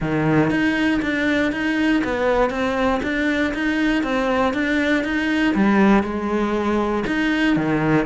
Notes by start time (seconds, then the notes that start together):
0.00 D#3
0.50 D#4
1.02 D4
1.52 D#4
2.04 B3
2.50 C4
3.02 D4
3.54 D#4
4.03 C4
4.53 D4
5.04 D#4
5.54 G3
6.03 G#3
7.06 D#4
7.56 D#3